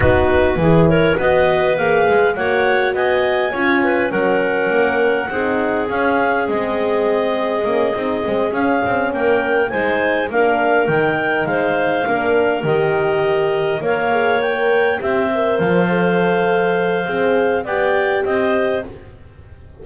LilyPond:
<<
  \new Staff \with { instrumentName = "clarinet" } { \time 4/4 \tempo 4 = 102 b'4. cis''8 dis''4 f''4 | fis''4 gis''2 fis''4~ | fis''2 f''4 dis''4~ | dis''2~ dis''8 f''4 g''8~ |
g''8 gis''4 f''4 g''4 f''8~ | f''4. dis''2 f''8~ | f''8 g''4 e''4 f''4.~ | f''2 g''4 dis''4 | }
  \new Staff \with { instrumentName = "clarinet" } { \time 4/4 fis'4 gis'8 ais'8 b'2 | cis''4 dis''4 cis''8 b'8 ais'4~ | ais'4 gis'2.~ | gis'2.~ gis'8 ais'8~ |
ais'8 c''4 ais'2 c''8~ | c''8 ais'2. cis''8~ | cis''4. c''2~ c''8~ | c''2 d''4 c''4 | }
  \new Staff \with { instrumentName = "horn" } { \time 4/4 dis'4 e'4 fis'4 gis'4 | fis'2 f'4 cis'4~ | cis'4 dis'4 cis'4 c'4~ | c'4 cis'8 dis'8 c'8 cis'4.~ |
cis'8 dis'4 d'4 dis'4.~ | dis'8 d'4 g'2 ais'8 | gis'8 ais'4 g'8 ais'4 a'4~ | a'4 gis'4 g'2 | }
  \new Staff \with { instrumentName = "double bass" } { \time 4/4 b4 e4 b4 ais8 gis8 | ais4 b4 cis'4 fis4 | ais4 c'4 cis'4 gis4~ | gis4 ais8 c'8 gis8 cis'8 c'8 ais8~ |
ais8 gis4 ais4 dis4 gis8~ | gis8 ais4 dis2 ais8~ | ais4. c'4 f4.~ | f4 c'4 b4 c'4 | }
>>